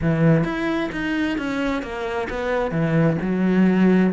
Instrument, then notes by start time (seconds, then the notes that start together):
cello
0.01 E3
0.44 E4
0.92 D#4
1.38 C#4
1.82 A#3
2.29 B3
2.71 E3
3.21 F#3